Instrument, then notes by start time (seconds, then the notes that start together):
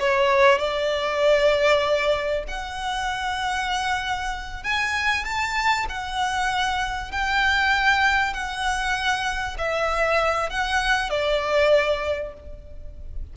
violin
0.00 C#5
0.59 D5
2.48 F#5
4.64 G#5
5.25 A5
5.89 F#5
7.12 G5
8.34 F#5
9.58 E5
10.50 F#5
11.10 D5